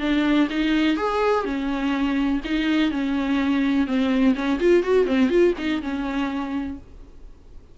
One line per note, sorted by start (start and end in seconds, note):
0.00 0.48 D4
0.50 0.97 D#4
0.97 1.45 G#4
1.45 2.41 C#4
2.45 2.91 D#4
2.91 3.87 C#4
3.87 4.35 C4
4.35 4.59 C#4
4.60 4.83 F4
4.83 5.06 F#4
5.06 5.29 C4
5.29 5.53 F4
5.58 5.82 D#4
5.82 6.78 C#4